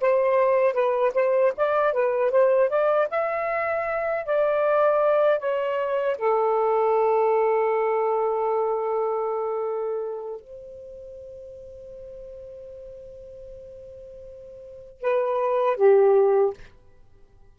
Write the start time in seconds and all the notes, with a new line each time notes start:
0.00 C5
0.73 B4
1.14 C5
1.57 D5
1.93 B4
2.31 C5
2.69 D5
3.10 E5
4.25 D5
5.39 C#5
6.17 A4
10.40 C5
15.01 B4
15.76 G4